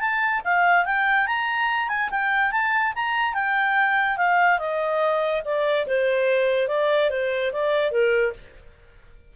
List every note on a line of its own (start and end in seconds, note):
0.00 0.42 A5
0.45 0.85 F5
0.85 1.27 G5
1.27 1.89 A#5
1.89 2.09 G#5
2.10 2.52 G5
2.52 2.93 A5
2.95 3.34 A#5
3.34 4.17 G5
4.17 4.59 F5
4.59 5.42 D#5
5.45 5.86 D5
5.87 6.68 C5
6.68 7.10 D5
7.10 7.52 C5
7.52 7.91 D5
7.91 8.33 A#4